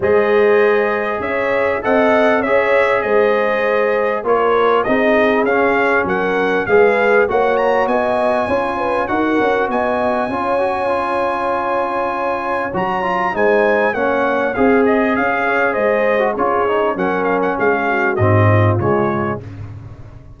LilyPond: <<
  \new Staff \with { instrumentName = "trumpet" } { \time 4/4 \tempo 4 = 99 dis''2 e''4 fis''4 | e''4 dis''2 cis''4 | dis''4 f''4 fis''4 f''4 | fis''8 ais''8 gis''2 fis''4 |
gis''1~ | gis''4 ais''4 gis''4 fis''4 | f''8 dis''8 f''4 dis''4 cis''4 | fis''8 f''16 fis''16 f''4 dis''4 cis''4 | }
  \new Staff \with { instrumentName = "horn" } { \time 4/4 c''2 cis''4 dis''4 | cis''4 c''2 ais'4 | gis'2 ais'4 b'4 | cis''4 dis''4 cis''8 b'8 ais'4 |
dis''4 cis''2.~ | cis''2 c''4 cis''4 | gis'4. cis''8 c''4 gis'4 | ais'4 gis'8 fis'4 f'4. | }
  \new Staff \with { instrumentName = "trombone" } { \time 4/4 gis'2. a'4 | gis'2. f'4 | dis'4 cis'2 gis'4 | fis'2 f'4 fis'4~ |
fis'4 f'8 fis'8 f'2~ | f'4 fis'8 f'8 dis'4 cis'4 | gis'2~ gis'8. fis'16 f'8 dis'8 | cis'2 c'4 gis4 | }
  \new Staff \with { instrumentName = "tuba" } { \time 4/4 gis2 cis'4 c'4 | cis'4 gis2 ais4 | c'4 cis'4 fis4 gis4 | ais4 b4 cis'4 dis'8 cis'8 |
b4 cis'2.~ | cis'4 fis4 gis4 ais4 | c'4 cis'4 gis4 cis'4 | fis4 gis4 gis,4 cis4 | }
>>